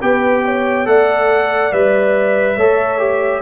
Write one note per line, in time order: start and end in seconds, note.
0.00 0.86 B3
0.00 0.85 G4
0.00 0.43 B4
0.00 0.86 G5
0.45 0.87 C#5
0.85 1.71 A3
0.85 1.71 A4
0.85 2.56 D5
0.85 1.72 F#5
1.71 2.56 G3
1.71 2.57 B4
1.71 3.41 E5
2.56 3.41 A3
2.56 2.98 A4
2.56 3.41 C#5
2.98 3.41 G4